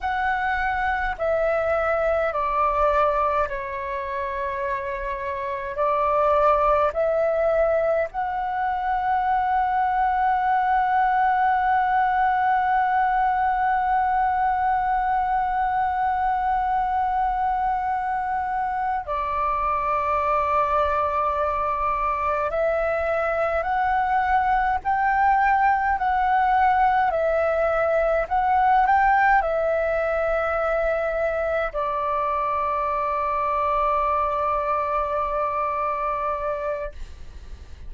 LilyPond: \new Staff \with { instrumentName = "flute" } { \time 4/4 \tempo 4 = 52 fis''4 e''4 d''4 cis''4~ | cis''4 d''4 e''4 fis''4~ | fis''1~ | fis''1~ |
fis''8 d''2. e''8~ | e''8 fis''4 g''4 fis''4 e''8~ | e''8 fis''8 g''8 e''2 d''8~ | d''1 | }